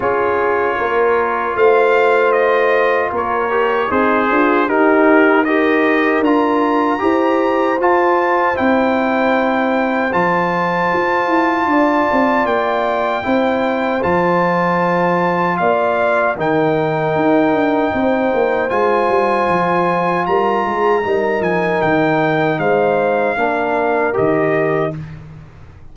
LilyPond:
<<
  \new Staff \with { instrumentName = "trumpet" } { \time 4/4 \tempo 4 = 77 cis''2 f''4 dis''4 | cis''4 c''4 ais'4 dis''4 | ais''2 a''4 g''4~ | g''4 a''2. |
g''2 a''2 | f''4 g''2. | gis''2 ais''4. gis''8 | g''4 f''2 dis''4 | }
  \new Staff \with { instrumentName = "horn" } { \time 4/4 gis'4 ais'4 c''2 | ais'4 dis'8 f'8 g'4 ais'4~ | ais'4 c''2.~ | c''2. d''4~ |
d''4 c''2. | d''4 ais'2 c''4~ | c''2 ais'8 gis'8 ais'4~ | ais'4 c''4 ais'2 | }
  \new Staff \with { instrumentName = "trombone" } { \time 4/4 f'1~ | f'8 g'8 gis'4 dis'4 g'4 | f'4 g'4 f'4 e'4~ | e'4 f'2.~ |
f'4 e'4 f'2~ | f'4 dis'2. | f'2. dis'4~ | dis'2 d'4 g'4 | }
  \new Staff \with { instrumentName = "tuba" } { \time 4/4 cis'4 ais4 a2 | ais4 c'8 d'8 dis'2 | d'4 e'4 f'4 c'4~ | c'4 f4 f'8 e'8 d'8 c'8 |
ais4 c'4 f2 | ais4 dis4 dis'8 d'8 c'8 ais8 | gis8 g8 f4 g8 gis8 g8 f8 | dis4 gis4 ais4 dis4 | }
>>